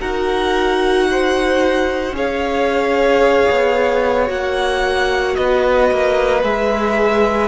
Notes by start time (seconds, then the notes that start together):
0.00 D#4 F#4 A#4 F#5
1.10 C5
2.11 C#4 G#4 C#5 F5
3.50 B3
4.26 A#3 F#4 F#5
5.35 B3 B4 D#5
5.91 A#3
6.43 G#3 G#4 E5